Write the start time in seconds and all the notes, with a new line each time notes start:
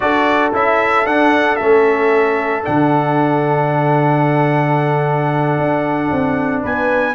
0.00 D4 F#4 A4 D5
0.53 C#4 E4 E5
1.05 D4 F#5
1.56 A3 C#4 E5
2.62 D3 D4 F#5
5.57 D4
6.10 C4
6.62 B3 B4 G#5